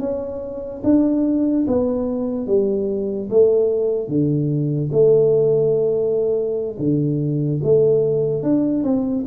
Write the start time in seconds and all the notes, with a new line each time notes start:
0.00 C#4
0.84 D4
1.68 B3
2.47 G3
3.31 A3
4.08 D3
4.93 A3
6.79 D3
7.64 A3
8.43 D4
8.84 C4